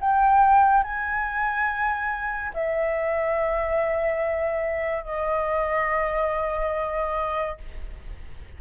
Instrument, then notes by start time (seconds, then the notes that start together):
flute
0.00 G5
0.83 G#5
2.54 E5
5.04 D#5